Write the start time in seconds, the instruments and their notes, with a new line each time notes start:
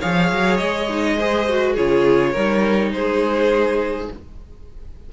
0.00 cello F3, viola G#4, violin C#5 F5
0.31 cello F#3
0.57 cello G#3, violin D#5
0.89 viola D#4
1.18 viola G#4, violin C5
1.49 viola F#4
1.73 cello C#3, viola F4, violin G#4 C#5
2.31 cello G3, viola D#4, violin A#4
2.92 cello G#3, violin G#4 C5